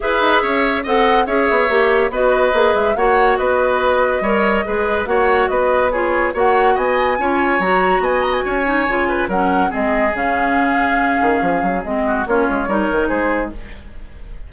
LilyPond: <<
  \new Staff \with { instrumentName = "flute" } { \time 4/4 \tempo 4 = 142 e''2 fis''4 e''4~ | e''4 dis''4. e''8 fis''4 | dis''1 | fis''4 dis''4 cis''4 fis''4 |
gis''2 ais''4 gis''8 ais''16 gis''16~ | gis''2 fis''4 dis''4 | f''1 | dis''4 cis''2 c''4 | }
  \new Staff \with { instrumentName = "oboe" } { \time 4/4 b'4 cis''4 dis''4 cis''4~ | cis''4 b'2 cis''4 | b'2 cis''4 b'4 | cis''4 b'4 gis'4 cis''4 |
dis''4 cis''2 dis''4 | cis''4. b'8 ais'4 gis'4~ | gis'1~ | gis'8 fis'8 f'4 ais'4 gis'4 | }
  \new Staff \with { instrumentName = "clarinet" } { \time 4/4 gis'2 a'4 gis'4 | g'4 fis'4 gis'4 fis'4~ | fis'2 ais'4 gis'4 | fis'2 f'4 fis'4~ |
fis'4 f'4 fis'2~ | fis'8 dis'8 f'4 cis'4 c'4 | cis'1 | c'4 cis'4 dis'2 | }
  \new Staff \with { instrumentName = "bassoon" } { \time 4/4 e'8 dis'8 cis'4 c'4 cis'8 b8 | ais4 b4 ais8 gis8 ais4 | b2 g4 gis4 | ais4 b2 ais4 |
b4 cis'4 fis4 b4 | cis'4 cis4 fis4 gis4 | cis2~ cis8 dis8 f8 fis8 | gis4 ais8 gis8 g8 dis8 gis4 | }
>>